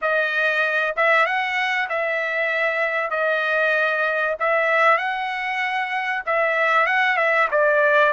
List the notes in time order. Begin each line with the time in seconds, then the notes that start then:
0.01 D#5
0.96 E5
1.26 F#5
1.89 E5
3.10 D#5
4.39 E5
4.97 F#5
6.26 E5
6.86 F#5
7.16 E5
7.51 D5